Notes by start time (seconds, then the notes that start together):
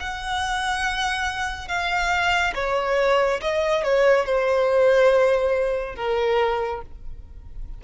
0.00 F#5
1.68 F5
2.55 C#5
3.41 D#5
3.84 C#5
4.25 C5
5.96 A#4